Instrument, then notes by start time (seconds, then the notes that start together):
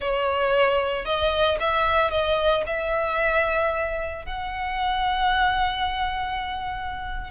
violin
0.00 C#5
1.05 D#5
1.60 E5
2.10 D#5
2.66 E5
4.25 F#5